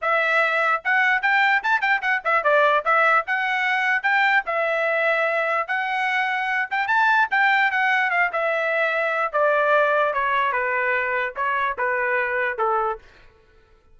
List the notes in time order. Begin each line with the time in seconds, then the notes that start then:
0.01 E5
0.84 F#5
1.22 G5
1.63 A5
1.81 G5
2.01 F#5
2.24 E5
2.43 D5
2.84 E5
3.26 F#5
4.02 G5
4.46 E5
5.67 F#5
6.70 G5
6.87 A5
7.30 G5
7.71 F#5
8.10 F5
8.32 E5
9.32 D5
10.13 C#5
10.52 B4
11.36 C#5
11.78 B4
12.58 A4